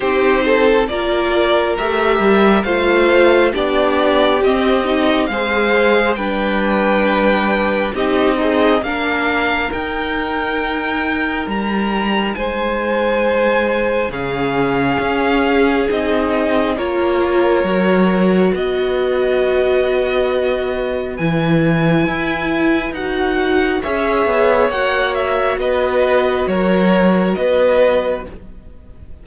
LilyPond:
<<
  \new Staff \with { instrumentName = "violin" } { \time 4/4 \tempo 4 = 68 c''4 d''4 e''4 f''4 | d''4 dis''4 f''4 g''4~ | g''4 dis''4 f''4 g''4~ | g''4 ais''4 gis''2 |
f''2 dis''4 cis''4~ | cis''4 dis''2. | gis''2 fis''4 e''4 | fis''8 e''8 dis''4 cis''4 dis''4 | }
  \new Staff \with { instrumentName = "violin" } { \time 4/4 g'8 a'8 ais'2 c''4 | g'2 c''4 b'4~ | b'4 g'8 dis'8 ais'2~ | ais'2 c''2 |
gis'2. ais'4~ | ais'4 b'2.~ | b'2. cis''4~ | cis''4 b'4 ais'4 b'4 | }
  \new Staff \with { instrumentName = "viola" } { \time 4/4 dis'4 f'4 g'4 f'4 | d'4 c'8 dis'8 gis'4 d'4~ | d'4 dis'8 gis'8 d'4 dis'4~ | dis'1 |
cis'2 dis'4 f'4 | fis'1 | e'2 fis'4 gis'4 | fis'1 | }
  \new Staff \with { instrumentName = "cello" } { \time 4/4 c'4 ais4 a8 g8 a4 | b4 c'4 gis4 g4~ | g4 c'4 ais4 dis'4~ | dis'4 g4 gis2 |
cis4 cis'4 c'4 ais4 | fis4 b2. | e4 e'4 dis'4 cis'8 b8 | ais4 b4 fis4 b4 | }
>>